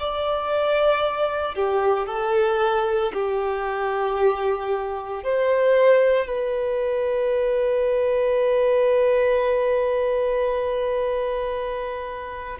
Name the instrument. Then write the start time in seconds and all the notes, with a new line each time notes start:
violin
0.00 D5
1.55 G4
2.07 A4
3.13 G4
5.24 C5
6.27 B4